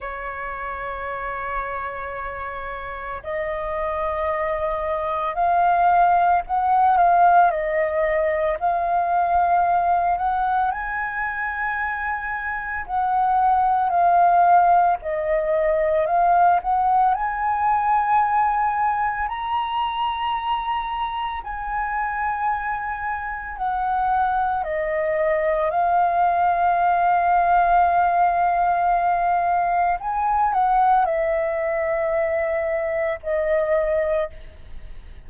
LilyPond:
\new Staff \with { instrumentName = "flute" } { \time 4/4 \tempo 4 = 56 cis''2. dis''4~ | dis''4 f''4 fis''8 f''8 dis''4 | f''4. fis''8 gis''2 | fis''4 f''4 dis''4 f''8 fis''8 |
gis''2 ais''2 | gis''2 fis''4 dis''4 | f''1 | gis''8 fis''8 e''2 dis''4 | }